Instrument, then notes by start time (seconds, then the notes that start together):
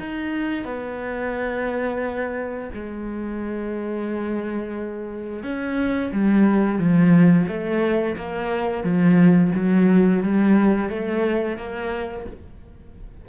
cello
0.00 D#4
0.65 B3
2.74 G#3
5.44 C#4
6.13 G3
6.79 F3
7.48 A3
8.18 A#3
8.84 F3
9.55 F#3
10.23 G3
10.90 A3
11.58 A#3